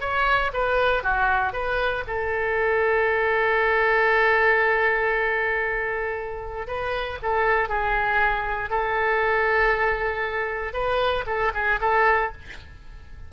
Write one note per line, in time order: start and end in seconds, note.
0.00 0.51 C#5
0.53 1.03 B4
1.03 1.52 F#4
1.52 2.03 B4
2.07 6.67 A4
6.67 7.18 B4
7.22 7.68 A4
7.68 8.70 G#4
8.70 10.73 A4
10.73 11.24 B4
11.26 11.52 A4
11.54 11.79 G#4
11.80 12.31 A4